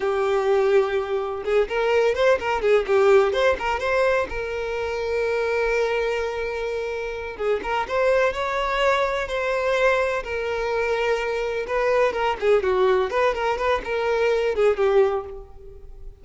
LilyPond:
\new Staff \with { instrumentName = "violin" } { \time 4/4 \tempo 4 = 126 g'2. gis'8 ais'8~ | ais'8 c''8 ais'8 gis'8 g'4 c''8 ais'8 | c''4 ais'2.~ | ais'2.~ ais'8 gis'8 |
ais'8 c''4 cis''2 c''8~ | c''4. ais'2~ ais'8~ | ais'8 b'4 ais'8 gis'8 fis'4 b'8 | ais'8 b'8 ais'4. gis'8 g'4 | }